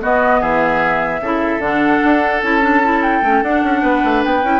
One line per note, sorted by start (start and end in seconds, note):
0.00 1.21 B3
0.00 0.42 B3
0.00 0.40 F#4
0.00 0.42 D#5
0.40 1.20 E3
0.40 1.21 G#4
0.40 1.61 E5
1.20 1.58 C#3
1.20 1.61 E4
1.20 3.81 A4
1.58 1.98 D3
1.58 2.41 D4
1.58 2.42 F#5
2.04 2.42 D4
2.42 3.21 C#4
2.42 2.61 E4
2.42 3.03 A5
2.61 2.81 D4
2.83 3.23 E4
3.03 3.43 G5
3.21 3.42 A3
3.21 3.44 C#4
3.42 3.63 D4
3.42 4.43 D4
3.42 4.23 F#5
3.63 3.82 C#4
3.81 4.02 B3
3.81 4.60 B4
4.04 4.24 A3
4.24 4.43 B3
4.24 4.60 G5
4.43 4.60 C#4
4.43 4.60 E4